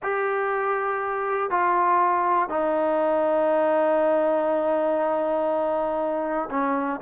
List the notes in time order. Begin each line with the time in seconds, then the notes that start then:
0.02 G4
1.50 F4
2.49 D#4
6.50 C#4